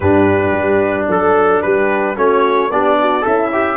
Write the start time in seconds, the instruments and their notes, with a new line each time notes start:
0.00 tuba G2, trombone D4, horn G4, trumpet B4
0.51 tuba G3
1.08 tuba F#3, horn A4, trumpet A4
1.61 tuba G3, horn G4, trumpet B4
2.15 tuba A3, trombone C#4, horn F#4, trumpet C#5
2.70 tuba B3, trombone D4, horn G4, trumpet D5
3.01 horn F#4
3.21 tuba C#4, horn E4, trombone A4, trumpet E5
3.52 trombone G4